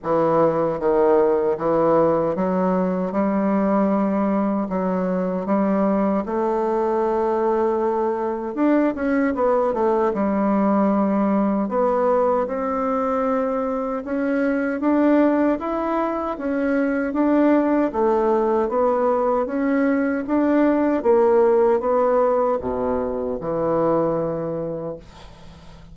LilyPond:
\new Staff \with { instrumentName = "bassoon" } { \time 4/4 \tempo 4 = 77 e4 dis4 e4 fis4 | g2 fis4 g4 | a2. d'8 cis'8 | b8 a8 g2 b4 |
c'2 cis'4 d'4 | e'4 cis'4 d'4 a4 | b4 cis'4 d'4 ais4 | b4 b,4 e2 | }